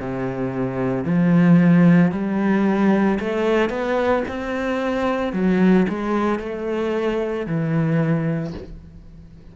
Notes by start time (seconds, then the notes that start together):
0.00 C3
1.04 F3
2.11 G3
3.19 A3
3.70 B3
4.28 C4
5.33 F#3
5.89 G#3
6.39 A3
7.46 E3